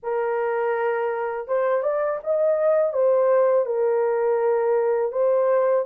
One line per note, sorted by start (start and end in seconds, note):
0.02 1.47 A#4
1.47 1.82 C5
1.82 2.19 D5
2.23 2.93 D#5
2.93 3.66 C5
3.66 5.12 A#4
5.12 5.85 C5